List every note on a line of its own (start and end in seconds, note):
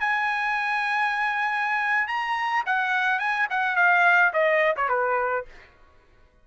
0.00 2.07 G#5
2.07 2.64 A#5
2.66 3.19 F#5
3.19 3.47 G#5
3.50 3.76 F#5
3.76 4.32 F5
4.33 4.75 D#5
4.76 4.89 C#5
4.89 5.45 B4